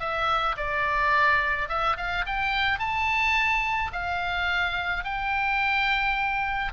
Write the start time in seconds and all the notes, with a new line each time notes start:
0.00 E5
0.57 D5
1.69 E5
1.97 F5
2.27 G5
2.79 A5
3.93 F5
5.05 G5